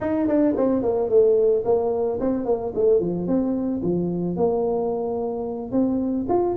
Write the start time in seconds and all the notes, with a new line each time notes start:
0.00 D#4
0.27 D4
0.56 C4
0.82 A#3
1.09 A3
1.64 A#3
2.20 C4
2.45 A#3
2.74 A3
3.00 F3
3.27 C4
3.82 F3
4.36 A#3
5.71 C4
6.29 F4